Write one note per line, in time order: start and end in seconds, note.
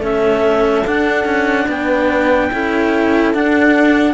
0.00 0.82 A3
0.00 0.85 C#4
0.00 1.67 A4
0.00 0.87 E5
0.87 1.25 D4
0.87 2.51 D4
0.87 1.69 F#5
1.25 1.66 C#4
1.68 2.51 B3
1.68 2.51 B4
1.68 3.34 G5
2.53 3.35 C#4
2.53 3.34 E4
2.53 4.14 A4
3.34 4.14 D4
3.34 4.14 F#5